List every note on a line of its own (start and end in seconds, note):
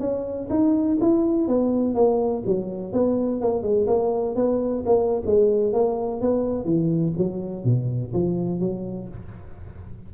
0.00 0.48 C#4
0.50 0.98 D#4
1.01 1.48 E4
1.48 1.95 B3
1.95 2.43 A#3
2.47 2.93 F#3
2.93 3.41 B3
3.41 3.63 A#3
3.63 3.87 G#3
3.88 4.36 A#3
4.36 4.84 B3
4.86 5.23 A#3
5.26 5.74 G#3
5.74 6.21 A#3
6.21 6.65 B3
6.65 7.13 E3
7.18 7.65 F#3
7.65 8.13 B2
8.14 8.60 F3
8.60 9.09 F#3